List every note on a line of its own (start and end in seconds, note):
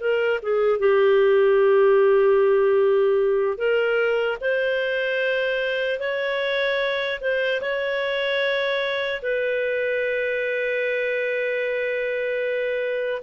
0.00 0.40 A#4
0.43 0.79 G#4
0.79 3.58 G4
3.58 4.38 A#4
4.41 5.99 C5
5.99 7.19 C#5
7.21 7.61 C5
7.61 9.21 C#5
9.22 13.22 B4